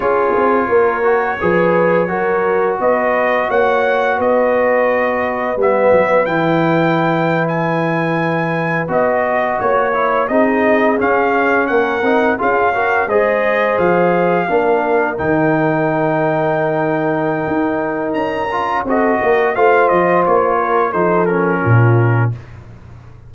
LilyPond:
<<
  \new Staff \with { instrumentName = "trumpet" } { \time 4/4 \tempo 4 = 86 cis''1 | dis''4 fis''4 dis''2 | e''4 g''4.~ g''16 gis''4~ gis''16~ | gis''8. dis''4 cis''4 dis''4 f''16~ |
f''8. fis''4 f''4 dis''4 f''16~ | f''4.~ f''16 g''2~ g''16~ | g''2 ais''4 dis''4 | f''8 dis''8 cis''4 c''8 ais'4. | }
  \new Staff \with { instrumentName = "horn" } { \time 4/4 gis'4 ais'4 b'4 ais'4 | b'4 cis''4 b'2~ | b'1~ | b'4.~ b'16 cis''4 gis'4~ gis'16~ |
gis'8. ais'4 gis'8 ais'8 c''4~ c''16~ | c''8. ais'2.~ ais'16~ | ais'2. a'8 ais'8 | c''4. ais'8 a'4 f'4 | }
  \new Staff \with { instrumentName = "trombone" } { \time 4/4 f'4. fis'8 gis'4 fis'4~ | fis'1 | b4 e'2.~ | e'8. fis'4. e'8 dis'4 cis'16~ |
cis'4~ cis'16 dis'8 f'8 fis'8 gis'4~ gis'16~ | gis'8. d'4 dis'2~ dis'16~ | dis'2~ dis'8 f'8 fis'4 | f'2 dis'8 cis'4. | }
  \new Staff \with { instrumentName = "tuba" } { \time 4/4 cis'8 c'8 ais4 f4 fis4 | b4 ais4 b2 | g8 fis8 e2.~ | e8. b4 ais4 c'4 cis'16~ |
cis'8. ais8 c'8 cis'4 gis4 f16~ | f8. ais4 dis2~ dis16~ | dis4 dis'4 cis'4 c'8 ais8 | a8 f8 ais4 f4 ais,4 | }
>>